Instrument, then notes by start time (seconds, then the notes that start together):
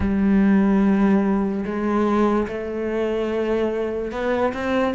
cello
0.00 G3
1.65 G#3
2.47 A3
4.11 B3
4.53 C4